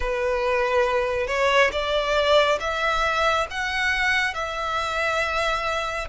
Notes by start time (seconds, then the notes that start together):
0.00 B4
1.27 C#5
1.72 D5
2.60 E5
3.50 F#5
4.34 E5